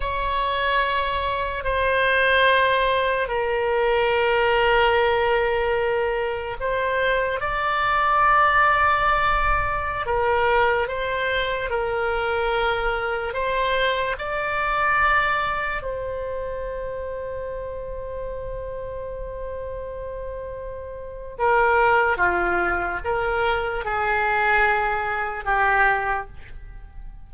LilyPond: \new Staff \with { instrumentName = "oboe" } { \time 4/4 \tempo 4 = 73 cis''2 c''2 | ais'1 | c''4 d''2.~ | d''16 ais'4 c''4 ais'4.~ ais'16~ |
ais'16 c''4 d''2 c''8.~ | c''1~ | c''2 ais'4 f'4 | ais'4 gis'2 g'4 | }